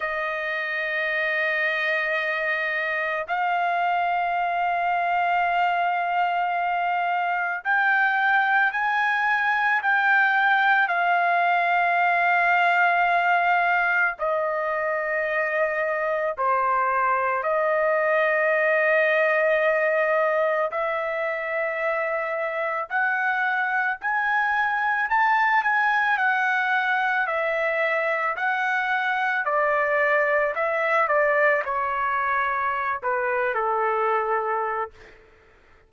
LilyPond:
\new Staff \with { instrumentName = "trumpet" } { \time 4/4 \tempo 4 = 55 dis''2. f''4~ | f''2. g''4 | gis''4 g''4 f''2~ | f''4 dis''2 c''4 |
dis''2. e''4~ | e''4 fis''4 gis''4 a''8 gis''8 | fis''4 e''4 fis''4 d''4 | e''8 d''8 cis''4~ cis''16 b'8 a'4~ a'16 | }